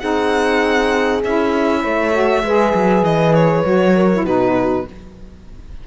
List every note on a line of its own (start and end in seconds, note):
0.00 1.24 C4
0.00 1.21 D#4
0.00 1.82 G#4
0.00 1.21 F#5
1.24 1.84 C#4
1.24 2.13 E4
1.24 3.04 E5
1.82 2.43 A3
1.82 2.43 C#5
2.13 2.43 F#4
2.43 2.73 G#3
2.43 3.65 G#4
2.43 3.95 B4
2.74 3.02 F#3
3.02 3.63 E3
3.02 3.35 D#5
3.35 4.26 C#5
3.65 4.23 F#3
3.65 4.10 F#4
3.95 4.25 A#4
4.14 4.27 E4
4.23 4.84 B2
4.23 4.87 D#4
4.23 4.86 F#4
4.23 4.87 B4